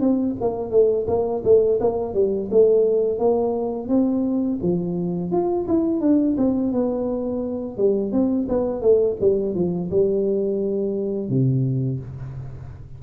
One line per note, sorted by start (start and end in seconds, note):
0.00 0.35 C4
0.40 0.70 A#3
0.70 1.06 A3
1.07 1.42 A#3
1.44 1.79 A3
1.80 2.14 A#3
2.14 2.49 G3
2.51 3.18 A3
3.18 3.88 A#3
3.88 4.59 C4
4.62 5.31 F3
5.31 5.67 F4
5.68 6.00 E4
6.00 6.36 D4
6.37 6.72 C4
6.72 7.77 B3
7.77 8.12 G3
8.12 8.47 C4
8.48 8.81 B3
8.81 9.16 A3
9.21 9.54 G3
9.54 9.90 F3
9.90 11.29 G3
11.29 11.99 C3